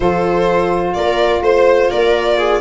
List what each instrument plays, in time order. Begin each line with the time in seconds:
0.00 tuba F3, saxophone F4, viola A4, violin C5
0.93 tuba A#3, viola A#4, violin D5
1.41 tuba A3, viola C5, violin C5
1.90 tuba A#3, viola A#4, violin D5
2.38 viola G#4